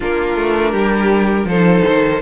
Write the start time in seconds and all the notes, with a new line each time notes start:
0.00 A#3 D4 F4 A#4
0.36 A3
0.71 G3 G4
1.45 F3 A4 C5
1.51 D#4
1.87 D#3